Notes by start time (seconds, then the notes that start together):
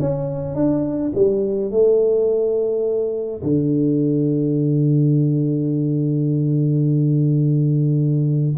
0.00 C#4
0.55 D4
1.15 G3
1.71 A3
3.43 D3